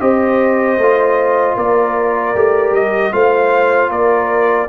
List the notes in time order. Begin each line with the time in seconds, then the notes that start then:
0.00 C4 G4 C5 D#5
0.77 A3 F4
1.56 A#3 A#4 D5
2.35 A3 G4
2.71 G3 D#5
3.12 A3 F4 C5 F5
3.89 A#3 A#4 D5